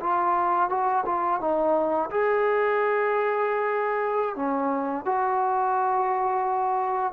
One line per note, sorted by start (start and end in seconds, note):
0.00 0.69 F4
0.69 1.04 F#4
1.06 1.40 F4
1.40 2.10 D#4
2.11 4.36 G#4
4.36 5.05 C#4
5.05 7.13 F#4